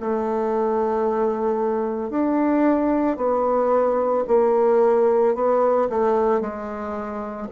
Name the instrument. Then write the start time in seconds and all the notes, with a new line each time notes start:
bassoon
0.00 A3
2.10 D4
3.18 B3
4.28 A#3
5.35 B3
5.90 A3
6.41 G#3